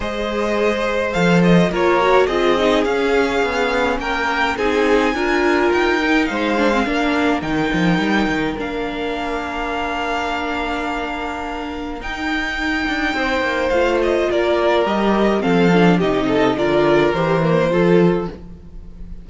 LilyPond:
<<
  \new Staff \with { instrumentName = "violin" } { \time 4/4 \tempo 4 = 105 dis''2 f''8 dis''8 cis''4 | dis''4 f''2 g''4 | gis''2 g''4 f''4~ | f''4 g''2 f''4~ |
f''1~ | f''4 g''2. | f''8 dis''8 d''4 dis''4 f''4 | dis''4 d''4 c''2 | }
  \new Staff \with { instrumentName = "violin" } { \time 4/4 c''2. ais'4 | gis'2. ais'4 | gis'4 ais'2 c''4 | ais'1~ |
ais'1~ | ais'2. c''4~ | c''4 ais'2 a'4 | g'8 a'8 ais'2 a'4 | }
  \new Staff \with { instrumentName = "viola" } { \time 4/4 gis'2 a'4 f'8 fis'8 | f'8 dis'8 cis'2. | dis'4 f'4. dis'4 d'16 c'16 | d'4 dis'2 d'4~ |
d'1~ | d'4 dis'2. | f'2 g'4 c'8 d'8 | dis'4 f'4 g'8 ais8 f'4 | }
  \new Staff \with { instrumentName = "cello" } { \time 4/4 gis2 f4 ais4 | c'4 cis'4 b4 ais4 | c'4 d'4 dis'4 gis4 | ais4 dis8 f8 g8 dis8 ais4~ |
ais1~ | ais4 dis'4. d'8 c'8 ais8 | a4 ais4 g4 f4 | c4 d4 e4 f4 | }
>>